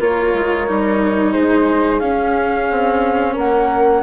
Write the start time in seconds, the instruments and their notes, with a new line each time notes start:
0.00 bassoon A#3, cello F4, horn A#4, flute C#5
0.34 bassoon G#3
0.67 bassoon G3, cello D#4
1.33 bassoon G#3, horn G#4, flute C5
2.00 cello C#4, bassoon C#4, flute F5
2.71 bassoon C4
3.34 bassoon A#3, horn A#4, flute F#5